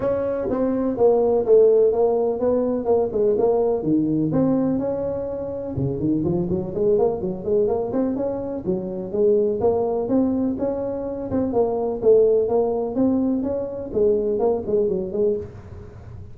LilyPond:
\new Staff \with { instrumentName = "tuba" } { \time 4/4 \tempo 4 = 125 cis'4 c'4 ais4 a4 | ais4 b4 ais8 gis8 ais4 | dis4 c'4 cis'2 | cis8 dis8 f8 fis8 gis8 ais8 fis8 gis8 |
ais8 c'8 cis'4 fis4 gis4 | ais4 c'4 cis'4. c'8 | ais4 a4 ais4 c'4 | cis'4 gis4 ais8 gis8 fis8 gis8 | }